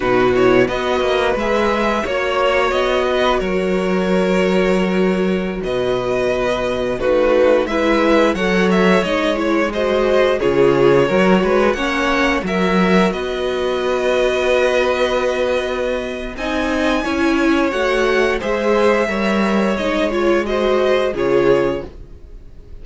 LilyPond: <<
  \new Staff \with { instrumentName = "violin" } { \time 4/4 \tempo 4 = 88 b'8 cis''8 dis''4 e''4 cis''4 | dis''4 cis''2.~ | cis''16 dis''2 b'4 e''8.~ | e''16 fis''8 e''8 dis''8 cis''8 dis''4 cis''8.~ |
cis''4~ cis''16 fis''4 e''4 dis''8.~ | dis''1 | gis''2 fis''4 e''4~ | e''4 dis''8 cis''8 dis''4 cis''4 | }
  \new Staff \with { instrumentName = "violin" } { \time 4/4 fis'4 b'2 cis''4~ | cis''8 b'8 ais'2.~ | ais'16 b'2 fis'4 b'8.~ | b'16 cis''2 c''4 gis'8.~ |
gis'16 ais'8 b'8 cis''4 ais'4 b'8.~ | b'1 | dis''4 cis''2 c''4 | cis''2 c''4 gis'4 | }
  \new Staff \with { instrumentName = "viola" } { \time 4/4 dis'8 e'8 fis'4 gis'4 fis'4~ | fis'1~ | fis'2~ fis'16 dis'4 e'8.~ | e'16 a'4 dis'8 e'8 fis'4 f'8.~ |
f'16 fis'4 cis'4 fis'4.~ fis'16~ | fis'1 | dis'4 e'4 fis'4 gis'4 | ais'4 dis'8 f'8 fis'4 f'4 | }
  \new Staff \with { instrumentName = "cello" } { \time 4/4 b,4 b8 ais8 gis4 ais4 | b4 fis2.~ | fis16 b,2 a4 gis8.~ | gis16 fis4 gis2 cis8.~ |
cis16 fis8 gis8 ais4 fis4 b8.~ | b1 | c'4 cis'4 a4 gis4 | g4 gis2 cis4 | }
>>